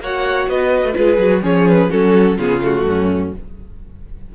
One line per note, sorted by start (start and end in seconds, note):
0.00 0.48 A#3
0.00 0.94 F#4
0.00 0.49 C#5
0.00 0.49 F#5
0.49 0.83 B3
0.49 0.97 B4
0.49 0.94 D#5
0.83 0.94 A3
0.94 1.18 G#3
0.94 1.18 F4
0.94 1.43 G#4
0.94 1.42 B4
1.18 1.42 F#3
1.18 1.42 F#4
1.42 1.90 F3
1.42 1.90 C#4
1.42 1.90 G#4
1.42 1.68 C#5
1.68 1.91 B4
1.90 2.38 F#3
1.90 2.37 C#4
1.90 2.37 F#4
1.90 2.39 A4
2.37 2.84 C#3
2.37 2.61 B3
2.37 2.85 F4
2.37 2.63 G#4
2.61 3.32 A3
2.61 3.35 F#4
2.84 3.32 F#2
2.84 3.35 C#4